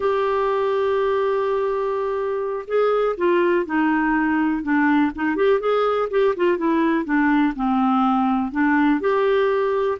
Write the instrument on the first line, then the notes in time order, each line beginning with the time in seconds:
clarinet
0.00 G4
2.67 G#4
3.17 F4
3.65 D#4
4.63 D4
5.15 D#4
5.36 G4
5.59 G#4
6.10 G4
6.36 F4
6.57 E4
7.05 D4
7.55 C4
8.51 D4
9.00 G4